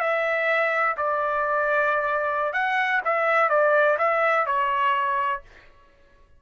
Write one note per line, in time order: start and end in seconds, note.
0.00 0.96 E5
0.97 2.53 D5
2.53 3.01 F#5
3.05 3.50 E5
3.50 3.98 D5
3.99 4.46 E5
4.46 5.42 C#5